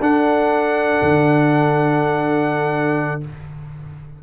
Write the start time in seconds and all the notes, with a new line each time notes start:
0.00 D4 A4 F#5
1.01 D3